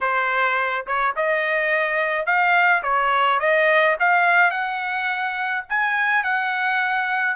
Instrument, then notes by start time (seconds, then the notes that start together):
trumpet
0.00 C5
0.86 C#5
1.16 D#5
2.25 F5
2.83 C#5
3.39 D#5
3.99 F5
4.50 F#5
5.69 G#5
6.23 F#5